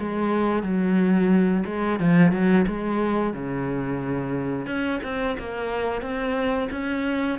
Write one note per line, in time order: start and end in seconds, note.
0.00 0.63 G#3
0.63 1.65 F#3
1.66 2.00 G#3
2.00 2.32 F3
2.32 2.66 F#3
2.68 3.34 G#3
3.34 4.67 C#3
4.67 5.01 C#4
5.03 5.37 C4
5.39 6.02 A#3
6.02 6.70 C4
6.72 7.39 C#4